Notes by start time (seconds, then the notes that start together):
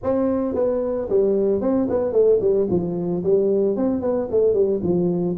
0.03 C4
0.55 B3
1.09 G3
1.61 C4
1.89 B3
2.12 A3
2.40 G3
2.69 F3
3.23 G3
3.76 C4
4.01 B3
4.31 A3
4.53 G3
4.83 F3